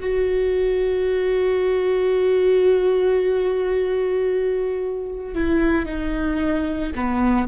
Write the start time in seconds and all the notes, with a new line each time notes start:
0.00 F#4
5.35 E4
5.86 D#4
6.95 B3